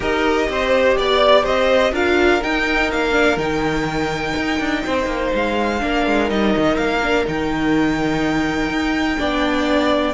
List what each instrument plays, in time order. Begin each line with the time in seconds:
0.00 cello D#4, viola G4, violin A#4 D#5
0.48 cello C4, violin C5
0.97 cello B3, violin D5
1.43 cello C4, violin C5 D#5
1.92 cello D4, viola F4, violin A#4 F5
2.42 viola D#4, cello D#4, violin G5
2.91 cello A#3, violin F5
3.12 viola D4
3.36 cello D#3, viola D#4, violin G5
4.35 cello D#4
4.59 cello D4
4.86 cello C4, violin C5
5.06 cello A#3
5.34 cello G#3, violin F5
5.80 cello A#3, viola D4, violin A#4
6.06 cello G#3
6.28 cello G3, viola D#4, violin D#5
6.56 cello D#3
6.77 cello A#3, violin F5
7.02 viola D4
7.25 cello D#3, viola D#4, violin G5
8.69 cello D#4
9.17 cello B3, viola D4, violin D5